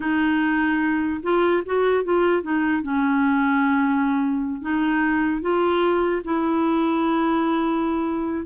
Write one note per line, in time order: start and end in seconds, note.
0.00 1.20 D#4
1.22 1.63 F4
1.65 2.04 F#4
2.04 2.42 F4
2.42 2.82 D#4
2.82 4.61 C#4
4.61 5.41 D#4
5.41 6.22 F4
6.24 8.45 E4